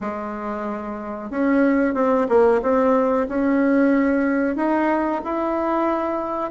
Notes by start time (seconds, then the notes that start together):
0.00 G#3
1.30 C#4
1.94 C4
2.28 A#3
2.61 C4
3.28 C#4
4.55 D#4
5.24 E4